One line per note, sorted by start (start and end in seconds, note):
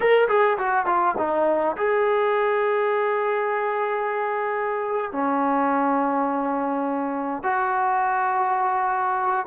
0.00 0.28 A#4
0.28 0.57 G#4
0.58 0.86 F#4
0.86 1.15 F4
1.18 1.76 D#4
1.77 5.12 G#4
5.12 7.43 C#4
7.43 9.46 F#4